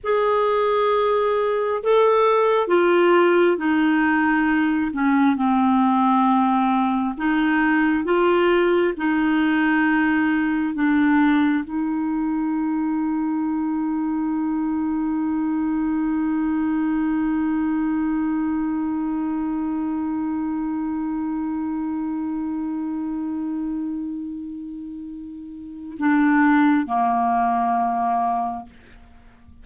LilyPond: \new Staff \with { instrumentName = "clarinet" } { \time 4/4 \tempo 4 = 67 gis'2 a'4 f'4 | dis'4. cis'8 c'2 | dis'4 f'4 dis'2 | d'4 dis'2.~ |
dis'1~ | dis'1~ | dis'1~ | dis'4 d'4 ais2 | }